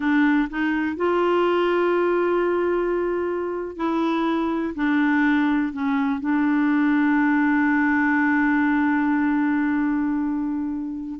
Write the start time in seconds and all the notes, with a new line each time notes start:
0.00 D4
0.49 D#4
0.96 F4
3.76 E4
4.75 D4
5.73 C#4
6.20 D4